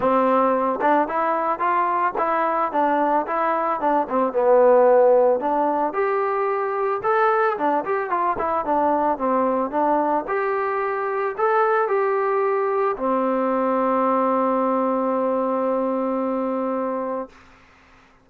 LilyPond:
\new Staff \with { instrumentName = "trombone" } { \time 4/4 \tempo 4 = 111 c'4. d'8 e'4 f'4 | e'4 d'4 e'4 d'8 c'8 | b2 d'4 g'4~ | g'4 a'4 d'8 g'8 f'8 e'8 |
d'4 c'4 d'4 g'4~ | g'4 a'4 g'2 | c'1~ | c'1 | }